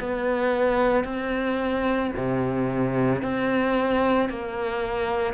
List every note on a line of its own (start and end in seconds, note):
0.00 1.05 B3
1.05 2.12 C4
2.17 3.23 C3
3.23 4.30 C4
4.30 5.34 A#3